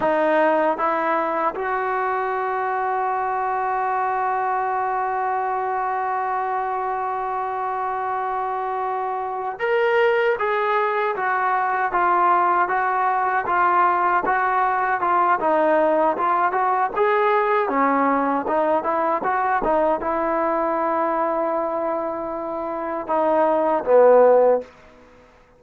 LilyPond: \new Staff \with { instrumentName = "trombone" } { \time 4/4 \tempo 4 = 78 dis'4 e'4 fis'2~ | fis'1~ | fis'1~ | fis'8 ais'4 gis'4 fis'4 f'8~ |
f'8 fis'4 f'4 fis'4 f'8 | dis'4 f'8 fis'8 gis'4 cis'4 | dis'8 e'8 fis'8 dis'8 e'2~ | e'2 dis'4 b4 | }